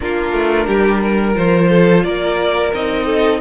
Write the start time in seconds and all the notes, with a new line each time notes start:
0.00 A#3 D4 F4 A#4
0.32 A3
0.66 G3 G4
1.01 A#4
1.34 F3 F4 C5
1.69 A4
2.04 A#3 A#4 D5
2.73 C4 D#4 D#5
3.05 A4